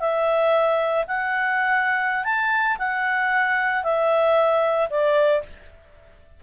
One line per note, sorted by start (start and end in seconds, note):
0.00 1.05 E5
1.08 2.24 F#5
2.24 2.77 A5
2.79 3.83 F#5
3.83 4.89 E5
4.90 5.43 D5